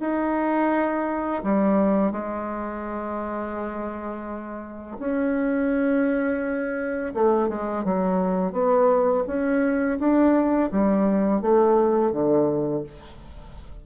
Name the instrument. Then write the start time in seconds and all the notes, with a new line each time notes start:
bassoon
0.00 D#4
1.43 G3
2.12 G#3
4.99 C#4
7.14 A3
7.49 G#3
7.84 F#3
8.52 B3
9.27 C#4
9.99 D4
10.71 G3
11.41 A3
12.12 D3